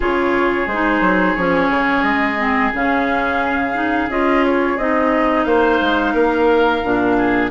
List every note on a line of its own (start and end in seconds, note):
0.00 0.66 C#3
0.00 0.67 F4
0.00 5.45 G#4
0.00 0.68 C#5
0.66 1.00 G#3
0.66 1.35 C5
0.73 1.37 D#4
1.01 1.35 F#3
1.35 1.70 F3
1.35 2.38 C#4
1.35 2.02 C#5
1.70 2.03 C#3
2.02 2.71 G#3
2.02 2.71 D#5
2.38 2.72 C4
2.73 4.08 C#3
2.73 3.74 C#4
2.73 4.10 F5
3.74 4.08 D#4
4.08 4.77 C#4
4.08 4.78 F4
4.08 4.44 D#5
4.45 4.77 C#5
4.77 5.45 C4
4.77 6.83 D#4
4.77 5.43 D#5
5.43 5.79 A#3
5.43 6.13 C5
5.43 7.48 F5
5.80 6.13 G#3
6.13 6.82 A#3
6.13 7.16 A#4
6.83 7.50 A#2
6.83 7.50 D4
7.17 7.50 G#4